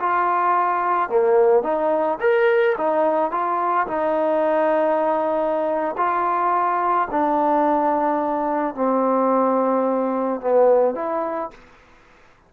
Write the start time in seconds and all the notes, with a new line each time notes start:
0.00 F4
1.09 A#3
1.63 D#4
2.21 A#4
2.78 D#4
3.32 F4
3.88 D#4
5.97 F4
7.11 D4
8.75 C4
10.41 B3
10.95 E4